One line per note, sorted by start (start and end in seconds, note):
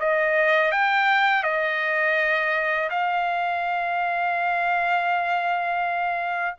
0.00 0.72 D#5
0.72 1.43 G5
1.43 2.90 D#5
2.90 6.56 F5